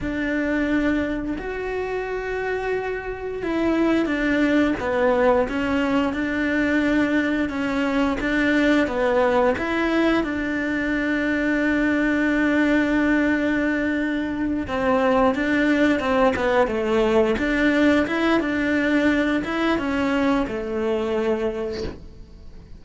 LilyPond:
\new Staff \with { instrumentName = "cello" } { \time 4/4 \tempo 4 = 88 d'2 fis'2~ | fis'4 e'4 d'4 b4 | cis'4 d'2 cis'4 | d'4 b4 e'4 d'4~ |
d'1~ | d'4. c'4 d'4 c'8 | b8 a4 d'4 e'8 d'4~ | d'8 e'8 cis'4 a2 | }